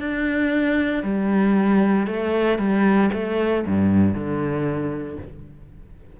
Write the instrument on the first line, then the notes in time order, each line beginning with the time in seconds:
cello
0.00 D4
1.03 G3
2.07 A3
2.59 G3
3.14 A3
3.67 G2
4.15 D3